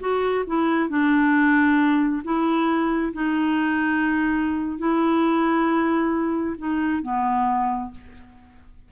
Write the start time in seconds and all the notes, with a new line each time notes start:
0.00 F#4
0.47 E4
0.89 D4
2.24 E4
3.13 D#4
4.78 E4
6.58 D#4
7.02 B3